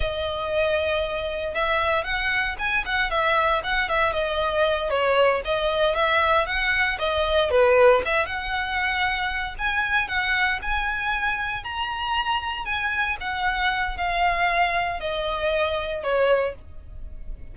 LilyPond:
\new Staff \with { instrumentName = "violin" } { \time 4/4 \tempo 4 = 116 dis''2. e''4 | fis''4 gis''8 fis''8 e''4 fis''8 e''8 | dis''4. cis''4 dis''4 e''8~ | e''8 fis''4 dis''4 b'4 e''8 |
fis''2~ fis''8 gis''4 fis''8~ | fis''8 gis''2 ais''4.~ | ais''8 gis''4 fis''4. f''4~ | f''4 dis''2 cis''4 | }